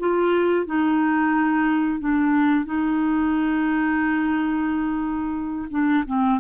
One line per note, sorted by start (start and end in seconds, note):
0.00 0.66 F4
0.66 2.00 D#4
2.00 2.65 D4
2.65 5.69 D#4
5.71 6.04 D4
6.07 6.40 C4